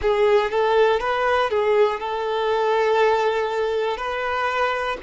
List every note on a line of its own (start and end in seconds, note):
0.01 0.50 G#4
0.50 1.00 A4
1.00 1.50 B4
1.50 2.00 G#4
2.00 3.97 A4
3.97 4.97 B4